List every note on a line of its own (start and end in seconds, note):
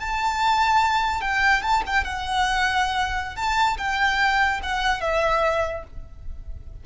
0.00 1.21 A5
1.21 1.62 G5
1.62 1.83 A5
1.86 2.04 G5
2.04 3.36 F#5
3.36 3.77 A5
3.77 4.60 G5
4.63 5.01 F#5
5.01 5.84 E5